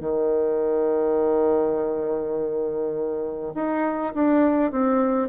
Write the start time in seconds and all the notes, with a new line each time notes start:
0.00 D#3
3.54 D#4
4.14 D4
4.71 C4